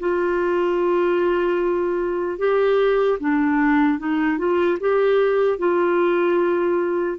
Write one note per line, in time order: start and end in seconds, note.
0.00 2.39 F4
2.39 3.19 G4
3.20 3.99 D4
3.99 4.38 D#4
4.38 4.78 F4
4.80 5.59 G4
5.59 7.19 F4